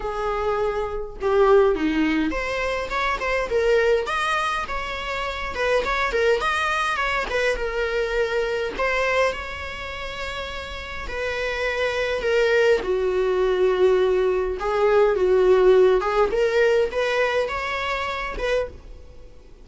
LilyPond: \new Staff \with { instrumentName = "viola" } { \time 4/4 \tempo 4 = 103 gis'2 g'4 dis'4 | c''4 cis''8 c''8 ais'4 dis''4 | cis''4. b'8 cis''8 ais'8 dis''4 | cis''8 b'8 ais'2 c''4 |
cis''2. b'4~ | b'4 ais'4 fis'2~ | fis'4 gis'4 fis'4. gis'8 | ais'4 b'4 cis''4. b'8 | }